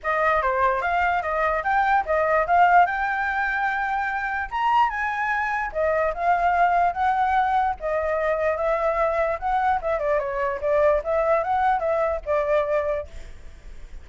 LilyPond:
\new Staff \with { instrumentName = "flute" } { \time 4/4 \tempo 4 = 147 dis''4 c''4 f''4 dis''4 | g''4 dis''4 f''4 g''4~ | g''2. ais''4 | gis''2 dis''4 f''4~ |
f''4 fis''2 dis''4~ | dis''4 e''2 fis''4 | e''8 d''8 cis''4 d''4 e''4 | fis''4 e''4 d''2 | }